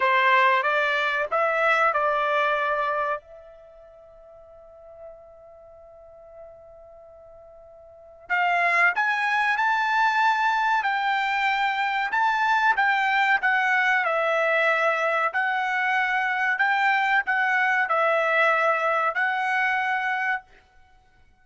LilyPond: \new Staff \with { instrumentName = "trumpet" } { \time 4/4 \tempo 4 = 94 c''4 d''4 e''4 d''4~ | d''4 e''2.~ | e''1~ | e''4 f''4 gis''4 a''4~ |
a''4 g''2 a''4 | g''4 fis''4 e''2 | fis''2 g''4 fis''4 | e''2 fis''2 | }